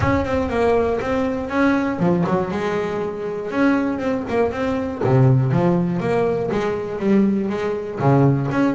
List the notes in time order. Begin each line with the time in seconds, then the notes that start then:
0.00 C#4
0.25 C4
0.49 A#3
1.00 C4
1.49 C#4
1.99 F3
2.26 F#3
2.51 G#3
3.50 C#4
3.99 C4
4.28 A#3
4.51 C4
5.04 C3
5.51 F3
6.00 A#3
6.51 G#3
6.99 G3
7.49 G#3
7.99 C#3
8.51 C#4